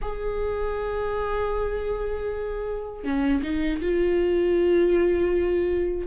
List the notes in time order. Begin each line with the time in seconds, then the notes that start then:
0.01 G#4
3.04 C#4
3.42 D#4
3.81 F4